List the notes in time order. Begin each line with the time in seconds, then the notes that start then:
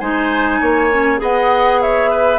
0.00 G#3 D#4 C5 G#5
0.60 A#3 C#5
0.92 C#4
1.18 B3 G#4 D#5 F#5
1.82 C#5 E5
2.10 B4